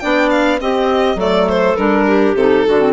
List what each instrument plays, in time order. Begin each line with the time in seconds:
0.00 bassoon B3, clarinet D4 D5, violin G5
0.30 violin F5
0.59 clarinet C4 G4, bassoon C4, violin D#5
1.15 bassoon F#3, clarinet A3 A4, violin D5
1.49 violin C5
1.76 bassoon G3, clarinet D4, violin A#4
2.08 clarinet G4
2.34 bassoon C3, clarinet D#4, violin A4
2.67 bassoon D3, clarinet D4 F#4
2.80 clarinet C4